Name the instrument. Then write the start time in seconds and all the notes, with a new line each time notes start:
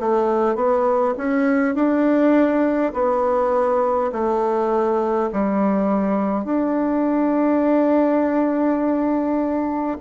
bassoon
0.00 A3
0.56 B3
1.18 C#4
1.75 D4
2.94 B3
4.12 A3
5.33 G3
6.44 D4